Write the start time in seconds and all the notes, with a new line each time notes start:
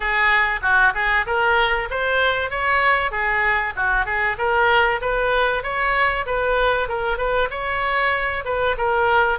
0.00 G#4
0.61 F#4
0.94 G#4
1.26 A#4
1.90 C5
2.50 C#5
3.11 G#4
3.76 F#4
4.05 G#4
4.38 A#4
5.01 B4
5.62 C#5
6.26 B4
6.88 A#4
7.17 B4
7.50 C#5
8.45 B4
8.77 A#4